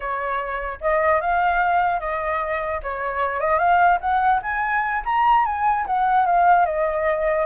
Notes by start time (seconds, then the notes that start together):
0.00 C#5
0.80 D#5
1.20 F5
2.00 D#5
2.83 C#5
3.40 D#5
3.58 F5
4.00 F#5
4.42 G#5
5.05 A#5
5.45 G#5
5.86 F#5
6.25 F5
6.65 D#5